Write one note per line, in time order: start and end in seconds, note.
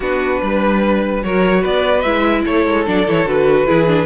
0.00 0.41 B3
0.00 1.22 D4
0.00 0.41 F#4
0.00 1.23 B4
0.42 1.23 G3
0.42 1.24 B4
1.22 1.64 F#3
1.22 2.04 F#4
1.22 1.60 A#4
1.22 1.64 C#5
1.60 2.04 B3
1.60 2.42 B4
1.60 2.00 D5
2.00 2.45 G#3
2.00 2.86 E4
2.00 2.41 E5
2.45 2.66 A3
2.45 3.66 A4
2.45 2.86 C#5
2.66 2.86 G#3
2.86 3.07 F#3
2.86 3.07 D4
2.86 3.09 D5
3.07 3.25 E3
3.07 3.26 E4
3.07 3.28 C#5
3.25 3.66 D3
3.25 3.67 F#4
3.25 4.05 B4
3.66 4.05 E3
3.66 3.86 E4
3.66 4.05 G#4
3.86 4.05 D4